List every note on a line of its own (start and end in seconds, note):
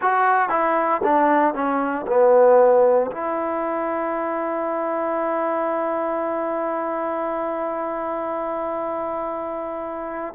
0.01 0.49 F#4
0.49 1.01 E4
1.03 1.54 D4
1.54 2.05 C#4
2.07 3.10 B3
3.11 10.34 E4